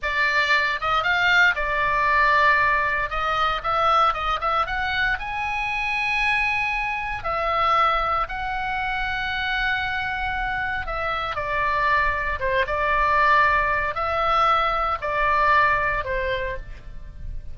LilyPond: \new Staff \with { instrumentName = "oboe" } { \time 4/4 \tempo 4 = 116 d''4. dis''8 f''4 d''4~ | d''2 dis''4 e''4 | dis''8 e''8 fis''4 gis''2~ | gis''2 e''2 |
fis''1~ | fis''4 e''4 d''2 | c''8 d''2~ d''8 e''4~ | e''4 d''2 c''4 | }